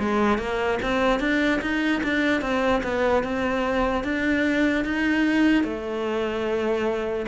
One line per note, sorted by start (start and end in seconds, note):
0.00 0.39 G#3
0.39 0.79 A#3
0.83 1.21 C4
1.21 1.61 D4
1.62 2.02 D#4
2.04 2.42 D4
2.42 2.83 C4
2.84 3.24 B3
3.24 4.04 C4
4.04 4.85 D4
4.85 5.64 D#4
5.64 7.26 A3